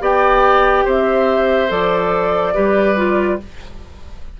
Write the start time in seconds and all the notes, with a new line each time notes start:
0.00 B3 G4 D5 G5
0.84 C4 C5 E5
1.68 F3 A4 D5
2.54 G3 G4 B4
2.96 F4